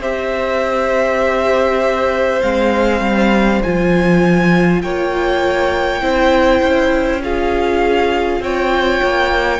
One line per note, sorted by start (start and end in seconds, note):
0.00 2.40 C4
0.00 2.41 G4
0.00 4.80 C5
0.00 2.42 E5
2.41 3.00 G#3
2.41 3.61 C4
2.41 3.62 F5
3.00 3.60 G3
3.63 4.83 F3
3.63 6.01 F4
3.63 4.82 G#5
4.82 6.01 A#3
4.82 6.02 C#5
4.82 7.21 G5
6.01 6.61 C4
6.01 7.21 E4
6.01 7.22 C5
6.63 8.40 C#4
7.22 9.59 F4
7.22 8.42 G#4
7.22 8.43 F5
8.40 9.00 C4
8.40 9.59 C#5
8.40 9.59 G5
9.03 9.59 A#3